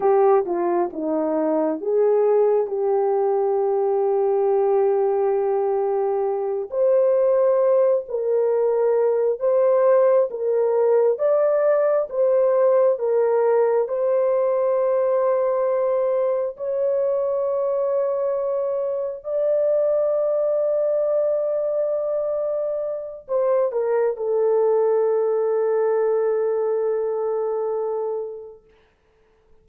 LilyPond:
\new Staff \with { instrumentName = "horn" } { \time 4/4 \tempo 4 = 67 g'8 f'8 dis'4 gis'4 g'4~ | g'2.~ g'8 c''8~ | c''4 ais'4. c''4 ais'8~ | ais'8 d''4 c''4 ais'4 c''8~ |
c''2~ c''8 cis''4.~ | cis''4. d''2~ d''8~ | d''2 c''8 ais'8 a'4~ | a'1 | }